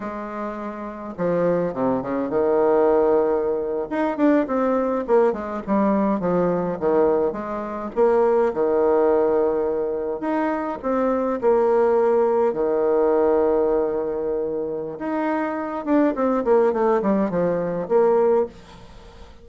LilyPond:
\new Staff \with { instrumentName = "bassoon" } { \time 4/4 \tempo 4 = 104 gis2 f4 c8 cis8 | dis2~ dis8. dis'8 d'8 c'16~ | c'8. ais8 gis8 g4 f4 dis16~ | dis8. gis4 ais4 dis4~ dis16~ |
dis4.~ dis16 dis'4 c'4 ais16~ | ais4.~ ais16 dis2~ dis16~ | dis2 dis'4. d'8 | c'8 ais8 a8 g8 f4 ais4 | }